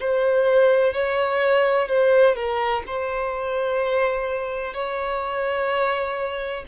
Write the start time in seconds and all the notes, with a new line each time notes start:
0.00 C5
0.94 C#5
1.88 C5
2.35 A#4
2.87 C5
4.74 C#5